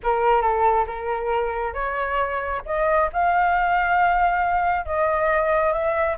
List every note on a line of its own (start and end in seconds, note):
0.03 0.41 A#4
0.41 0.85 A4
0.87 1.73 A#4
1.73 2.61 C#5
2.65 3.09 D#5
3.12 4.85 F5
4.85 5.72 D#5
5.72 6.16 E5